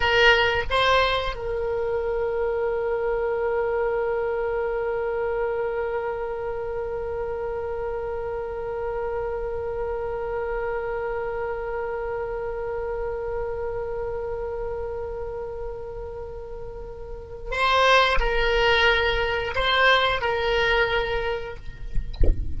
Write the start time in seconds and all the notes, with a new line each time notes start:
0.00 A#4
0.70 C5
1.35 A#4
17.51 C5
18.19 A#4
19.55 C5
20.21 A#4